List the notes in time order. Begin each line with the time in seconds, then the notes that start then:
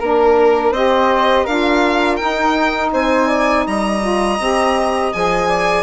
0.00 A#3 D4 A#4
0.71 C4 G4 C5 D#5
1.44 D4 F4 A#4 F5
2.17 D#4 G5
2.93 C4 C5 G#5
3.28 D5
3.67 G3 D#5 A#5
4.02 F4
4.40 C4 G4
5.13 F3 G#4 G#5
5.49 D5